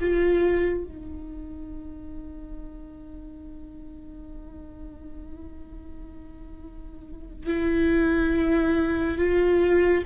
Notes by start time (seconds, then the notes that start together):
0.00 F4
0.84 D#4
7.46 E4
9.18 F4